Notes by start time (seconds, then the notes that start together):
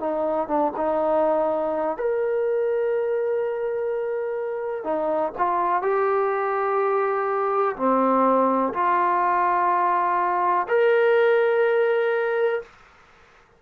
0.00 D#4
0.48 D4
0.77 D#4
1.97 A#4
4.84 D#4
5.38 F4
5.82 G4
7.76 C4
8.74 F4
10.68 A#4